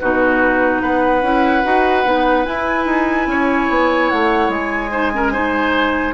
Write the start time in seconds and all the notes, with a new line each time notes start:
0.00 B2 D#4 F#4 B4
0.81 B3 B4 F#5
1.22 C#4 E4
1.64 D#4 F#4
2.05 B3 D#4
2.44 E4 G#5
2.85 D#4
3.27 C#4 C#5
3.70 B3
4.09 A3 F#5
4.49 G#3 G#5
4.91 D#4 C5
5.14 C#4 A#4
5.32 D#4 C5